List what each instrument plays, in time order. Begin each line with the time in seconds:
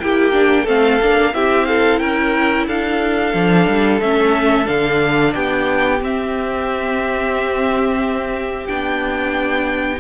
0.00 cello A#3, viola E4, violin G4 G5
0.32 viola D4
0.63 cello A3, viola C4, violin A4 F5
1.02 cello A#3, viola D4
1.33 cello C4, viola E4, violin G4 E5
1.66 violin A4 F5
1.99 cello C#4, violin A#4 G5
2.67 cello D4, violin A4 F5
3.34 cello F3, viola D4
3.68 cello G3
4.01 cello A3, viola C#4, violin E5
4.65 cello D3, viola D4, violin F5
5.34 cello B3, violin G4 G5
6.01 cello C4, viola C4, violin E5
8.67 cello B3, viola D4, violin G5